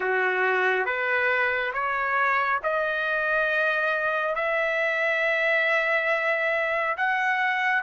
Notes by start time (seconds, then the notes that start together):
0.00 F#4
0.85 B4
1.73 C#5
2.63 D#5
4.35 E5
6.97 F#5